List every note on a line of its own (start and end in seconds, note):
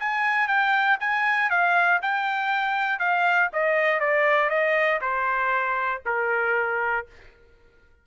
0.00 0.48 G#5
0.48 0.99 G5
1.00 1.51 G#5
1.51 2.01 F5
2.02 3.00 G5
3.00 3.50 F5
3.53 4.00 D#5
4.00 4.50 D5
4.50 5.00 D#5
5.01 6.02 C5
6.06 7.07 A#4